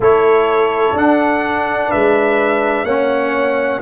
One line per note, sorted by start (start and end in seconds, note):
0.00 0.92 A3
0.00 0.96 E4
0.00 1.88 A4
0.00 0.97 C#5
0.92 1.88 D4
0.92 2.86 D4
0.92 1.91 F#5
1.88 2.83 G#3
1.88 2.83 B4
1.88 2.85 E5
2.83 3.79 A#3
2.83 3.81 C#4
2.83 3.80 C#5
2.83 3.80 F#5